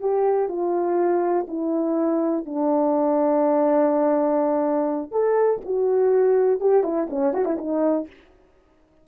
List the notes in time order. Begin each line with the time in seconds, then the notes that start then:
0.00 G4
0.48 F4
1.47 E4
2.45 D4
5.11 A4
5.65 F#4
6.60 G4
6.83 E4
7.09 C#4
7.33 F#4
7.45 E4
7.58 D#4